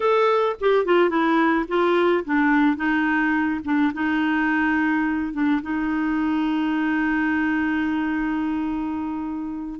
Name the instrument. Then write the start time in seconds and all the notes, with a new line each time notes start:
clarinet
0.00 A4
0.60 G4
0.85 F4
1.09 E4
1.68 F4
2.24 D4
2.76 D#4
3.64 D4
3.93 D#4
5.33 D4
5.62 D#4